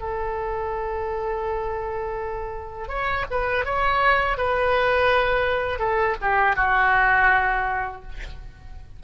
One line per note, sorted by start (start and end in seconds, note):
0.00 2.88 A4
2.88 3.25 C#5
3.31 3.65 B4
3.65 4.37 C#5
4.37 5.79 B4
5.79 6.16 A4
6.22 6.56 G4
6.56 8.02 F#4